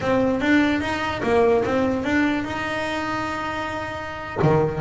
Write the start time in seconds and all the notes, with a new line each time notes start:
0.00 C4
0.40 D4
0.80 D#4
1.22 A#3
1.64 C4
2.03 D4
2.44 D#4
4.41 D#3